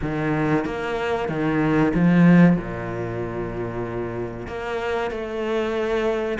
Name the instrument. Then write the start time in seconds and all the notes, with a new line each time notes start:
cello
0.01 D#3
0.65 A#3
1.29 D#3
1.94 F3
2.56 A#2
4.47 A#3
5.10 A3